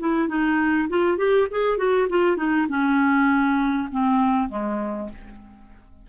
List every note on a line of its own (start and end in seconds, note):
0.00 0.29 E4
0.29 0.89 D#4
0.89 1.18 F4
1.18 1.48 G4
1.51 1.78 G#4
1.78 2.08 F#4
2.09 2.37 F4
2.37 2.67 D#4
2.69 3.89 C#4
3.92 4.50 C4
4.50 5.10 G#3